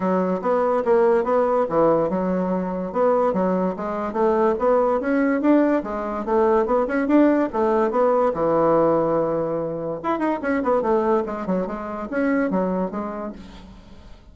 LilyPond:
\new Staff \with { instrumentName = "bassoon" } { \time 4/4 \tempo 4 = 144 fis4 b4 ais4 b4 | e4 fis2 b4 | fis4 gis4 a4 b4 | cis'4 d'4 gis4 a4 |
b8 cis'8 d'4 a4 b4 | e1 | e'8 dis'8 cis'8 b8 a4 gis8 fis8 | gis4 cis'4 fis4 gis4 | }